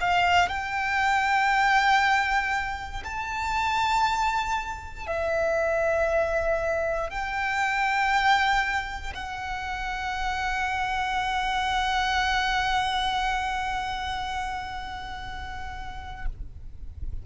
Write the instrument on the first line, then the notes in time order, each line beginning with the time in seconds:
violin
0.00 F5
0.49 G5
3.04 A5
5.06 E5
7.10 G5
9.14 F#5